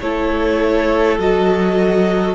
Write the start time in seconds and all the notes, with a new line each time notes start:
0.00 A3 E4 A4 C#5
1.18 F#3 F#4 D#5